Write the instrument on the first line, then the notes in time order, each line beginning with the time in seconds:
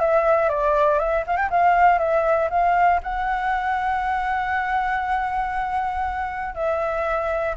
flute
0.00 E5
0.49 D5
0.99 E5
1.27 F5
1.37 G5
1.50 F5
1.99 E5
2.50 F5
3.03 F#5
6.55 E5